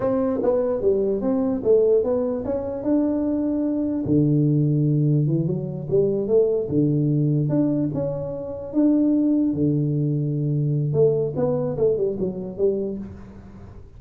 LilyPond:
\new Staff \with { instrumentName = "tuba" } { \time 4/4 \tempo 4 = 148 c'4 b4 g4 c'4 | a4 b4 cis'4 d'4~ | d'2 d2~ | d4 e8 fis4 g4 a8~ |
a8 d2 d'4 cis'8~ | cis'4. d'2 d8~ | d2. a4 | b4 a8 g8 fis4 g4 | }